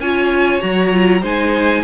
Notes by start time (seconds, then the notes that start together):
0.00 C#4 F4 C#5 G#5
0.61 F#3 F#4 A#5
0.92 F4
1.21 G#3 D#4 C5 G#5